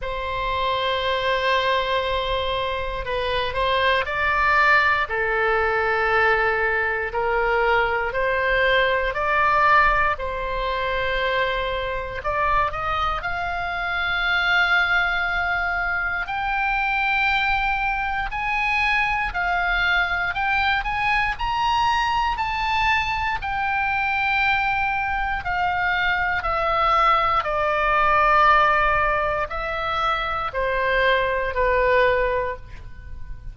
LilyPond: \new Staff \with { instrumentName = "oboe" } { \time 4/4 \tempo 4 = 59 c''2. b'8 c''8 | d''4 a'2 ais'4 | c''4 d''4 c''2 | d''8 dis''8 f''2. |
g''2 gis''4 f''4 | g''8 gis''8 ais''4 a''4 g''4~ | g''4 f''4 e''4 d''4~ | d''4 e''4 c''4 b'4 | }